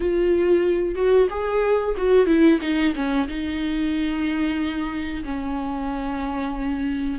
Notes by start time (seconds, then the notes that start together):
0.00 F4
0.95 F#4
1.30 G#4
1.97 F#4
2.26 E4
2.61 D#4
2.95 C#4
3.28 D#4
5.24 C#4